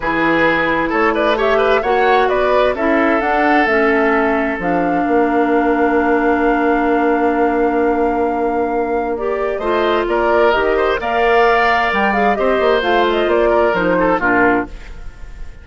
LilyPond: <<
  \new Staff \with { instrumentName = "flute" } { \time 4/4 \tempo 4 = 131 b'2 cis''8 d''8 e''4 | fis''4 d''4 e''4 fis''4 | e''2 f''2~ | f''1~ |
f''1 | d''4 dis''4 d''4 dis''4 | f''2 g''8 f''8 dis''4 | f''8 dis''8 d''4 c''4 ais'4 | }
  \new Staff \with { instrumentName = "oboe" } { \time 4/4 gis'2 a'8 b'8 cis''8 b'8 | cis''4 b'4 a'2~ | a'2. ais'4~ | ais'1~ |
ais'1~ | ais'4 c''4 ais'4. c''8 | d''2. c''4~ | c''4. ais'4 a'8 f'4 | }
  \new Staff \with { instrumentName = "clarinet" } { \time 4/4 e'2. g'4 | fis'2 e'4 d'4 | cis'2 d'2~ | d'1~ |
d'1 | g'4 f'2 g'4 | ais'2~ ais'8 gis'8 g'4 | f'2 dis'4 d'4 | }
  \new Staff \with { instrumentName = "bassoon" } { \time 4/4 e2 a2 | ais4 b4 cis'4 d'4 | a2 f4 ais4~ | ais1~ |
ais1~ | ais4 a4 ais4 dis4 | ais2 g4 c'8 ais8 | a4 ais4 f4 ais,4 | }
>>